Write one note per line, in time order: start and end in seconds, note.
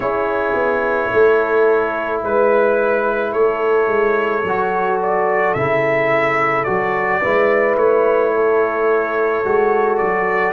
0.00 0.54 C#4
0.00 4.42 E4
0.00 1.11 G#4
0.00 2.20 C#5
0.54 1.09 B3
1.12 2.23 A3
1.12 2.23 A4
2.23 3.33 G#3
2.23 3.32 B4
3.32 3.87 A3
3.32 7.21 A4
3.32 4.99 C#5
3.87 4.43 G#3
4.43 5.54 F#3
4.43 5.56 F#4
5.02 5.54 D5
5.54 6.66 C#3
5.54 6.66 E4
5.54 6.64 E5
6.64 7.24 F#3
6.64 7.21 F#4
6.64 7.75 D5
7.21 7.76 G#3
7.21 9.44 E4
7.21 8.32 B4
7.76 9.42 A3
7.76 9.97 C#5
8.35 10.52 A4
9.44 10.00 G#3
9.44 10.52 F#4
9.97 10.52 F#3
9.97 10.52 D5